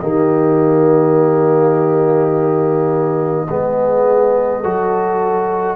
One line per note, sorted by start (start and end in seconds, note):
0.00 3.49 D#3
0.00 3.48 A#3
0.00 3.47 G4
0.00 5.76 D#5
3.48 4.65 G#3
3.48 4.64 B3
3.48 4.61 G#4
4.61 5.76 F#3
4.61 5.76 F#4
4.61 5.76 A4